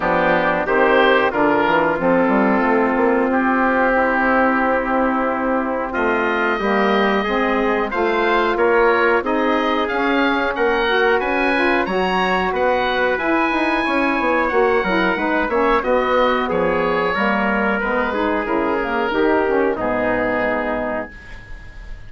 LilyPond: <<
  \new Staff \with { instrumentName = "oboe" } { \time 4/4 \tempo 4 = 91 g'4 c''4 ais'4 a'4~ | a'4 g'2.~ | g'4 dis''2. | f''4 cis''4 dis''4 f''4 |
fis''4 gis''4 ais''4 fis''4 | gis''2 fis''4. e''8 | dis''4 cis''2 b'4 | ais'2 gis'2 | }
  \new Staff \with { instrumentName = "trumpet" } { \time 4/4 d'4 g'4 f'2~ | f'2 e'2~ | e'4 f'4 g'4 gis'4 | c''4 ais'4 gis'2 |
ais'4 b'4 cis''4 b'4~ | b'4 cis''4. ais'8 b'8 cis''8 | fis'4 gis'4 ais'4. gis'8~ | gis'4 g'4 dis'2 | }
  \new Staff \with { instrumentName = "saxophone" } { \time 4/4 b4 c'4 d'4 c'4~ | c'1~ | c'2 ais4 c'4 | f'2 dis'4 cis'4~ |
cis'8 fis'4 f'8 fis'2 | e'2 fis'8 e'8 dis'8 cis'8 | b2 ais4 b8 dis'8 | e'8 ais8 dis'8 cis'8 b2 | }
  \new Staff \with { instrumentName = "bassoon" } { \time 4/4 f4 dis4 d8 e8 f8 g8 | a8 ais8 c'2.~ | c'4 a4 g4 gis4 | a4 ais4 c'4 cis'4 |
ais4 cis'4 fis4 b4 | e'8 dis'8 cis'8 b8 ais8 fis8 gis8 ais8 | b4 f4 g4 gis4 | cis4 dis4 gis,2 | }
>>